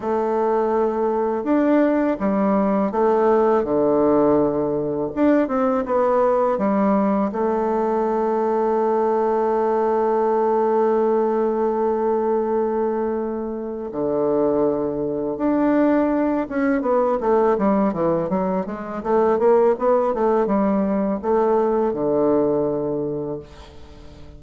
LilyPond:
\new Staff \with { instrumentName = "bassoon" } { \time 4/4 \tempo 4 = 82 a2 d'4 g4 | a4 d2 d'8 c'8 | b4 g4 a2~ | a1~ |
a2. d4~ | d4 d'4. cis'8 b8 a8 | g8 e8 fis8 gis8 a8 ais8 b8 a8 | g4 a4 d2 | }